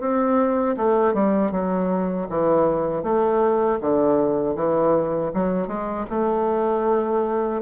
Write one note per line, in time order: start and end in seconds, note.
0.00 0.76 C4
0.77 1.14 A3
1.14 1.52 G3
1.52 2.28 F#3
2.30 3.03 E3
3.03 3.79 A3
3.80 4.55 D3
4.55 5.31 E3
5.34 5.68 F#3
5.68 6.06 G#3
6.10 7.62 A3